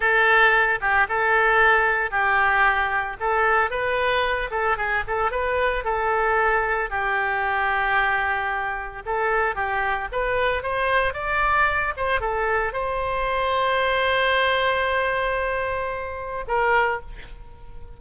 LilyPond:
\new Staff \with { instrumentName = "oboe" } { \time 4/4 \tempo 4 = 113 a'4. g'8 a'2 | g'2 a'4 b'4~ | b'8 a'8 gis'8 a'8 b'4 a'4~ | a'4 g'2.~ |
g'4 a'4 g'4 b'4 | c''4 d''4. c''8 a'4 | c''1~ | c''2. ais'4 | }